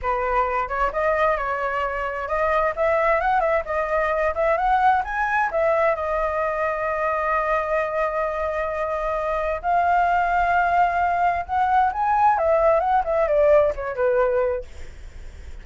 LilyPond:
\new Staff \with { instrumentName = "flute" } { \time 4/4 \tempo 4 = 131 b'4. cis''8 dis''4 cis''4~ | cis''4 dis''4 e''4 fis''8 e''8 | dis''4. e''8 fis''4 gis''4 | e''4 dis''2.~ |
dis''1~ | dis''4 f''2.~ | f''4 fis''4 gis''4 e''4 | fis''8 e''8 d''4 cis''8 b'4. | }